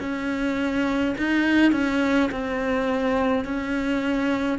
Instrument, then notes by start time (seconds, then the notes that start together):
cello
0.00 C#4
1.18 D#4
1.72 C#4
2.32 C4
3.45 C#4